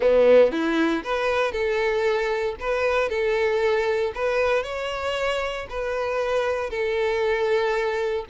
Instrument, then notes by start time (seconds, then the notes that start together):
violin
0.00 B3
0.51 E4
1.03 B4
1.52 A4
2.60 B4
3.09 A4
4.14 B4
4.63 C#5
5.69 B4
6.70 A4